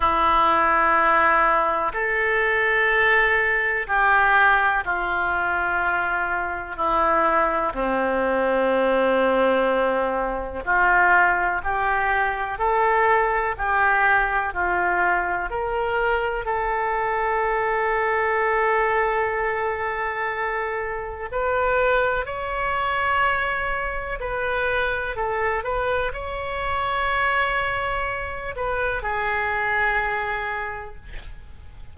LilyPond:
\new Staff \with { instrumentName = "oboe" } { \time 4/4 \tempo 4 = 62 e'2 a'2 | g'4 f'2 e'4 | c'2. f'4 | g'4 a'4 g'4 f'4 |
ais'4 a'2.~ | a'2 b'4 cis''4~ | cis''4 b'4 a'8 b'8 cis''4~ | cis''4. b'8 gis'2 | }